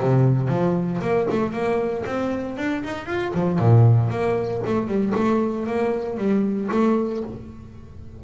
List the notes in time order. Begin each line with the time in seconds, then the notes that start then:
0.00 C3
0.48 F3
1.01 A#3
1.31 A3
1.53 A#3
2.06 C4
2.57 D4
2.84 D#4
3.06 F4
3.34 F3
3.59 A#2
4.10 A#3
4.66 A3
4.87 G3
5.15 A3
5.67 A#3
6.18 G3
6.72 A3